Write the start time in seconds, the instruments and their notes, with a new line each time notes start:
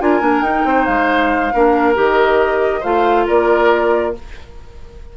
0.00 bassoon D4, clarinet F4, oboe A#4, flute G#5
0.21 bassoon A#3, clarinet D4
0.41 bassoon D#4, clarinet D#4, flute G5
0.64 bassoon C4, oboe C5
0.85 bassoon G#3, flute F5
1.54 bassoon A#3, clarinet D4, oboe A#4
1.94 bassoon D#3, clarinet G4, flute D#5
2.80 bassoon A3, clarinet F4, oboe C5, flute F5
3.27 bassoon A#3, oboe A#4, flute D5